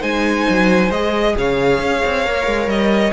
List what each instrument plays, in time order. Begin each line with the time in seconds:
0.00 cello G#3, viola D#4, violin C5 G#5
0.50 cello F#3
0.91 cello G#3, viola G#4, violin D#5
1.37 cello C#3, violin C#5 F5
1.80 cello C#4
2.05 cello C4
2.24 cello A#3, viola A#4
2.47 cello G#3
2.67 cello G3, violin D#5